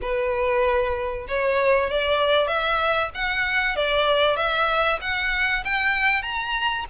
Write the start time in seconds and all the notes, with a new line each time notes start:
0.01 B4
1.28 C#5
1.89 D5
2.47 E5
3.14 F#5
3.76 D5
4.36 E5
5.01 F#5
5.64 G5
6.22 A#5